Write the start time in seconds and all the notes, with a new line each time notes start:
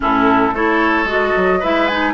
0.00 A2 C#4 E4 A4
0.52 A3 E4 A4 C#5
1.04 G#3 F#4
1.11 D#5
1.36 F#3
1.59 G#3 E4 B4 E5
1.87 D#4 G#5